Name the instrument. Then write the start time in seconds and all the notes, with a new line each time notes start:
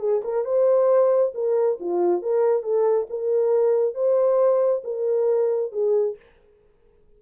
horn
0.00 G#4
0.24 A#4
0.45 C5
1.35 A#4
1.80 F4
2.22 A#4
2.63 A4
3.10 A#4
3.95 C5
4.84 A#4
5.73 G#4